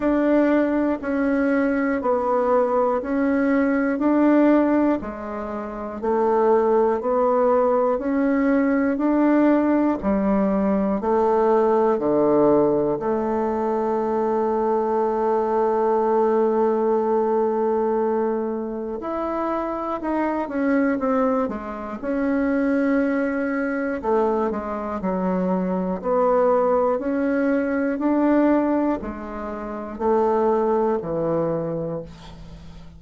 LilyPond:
\new Staff \with { instrumentName = "bassoon" } { \time 4/4 \tempo 4 = 60 d'4 cis'4 b4 cis'4 | d'4 gis4 a4 b4 | cis'4 d'4 g4 a4 | d4 a2.~ |
a2. e'4 | dis'8 cis'8 c'8 gis8 cis'2 | a8 gis8 fis4 b4 cis'4 | d'4 gis4 a4 e4 | }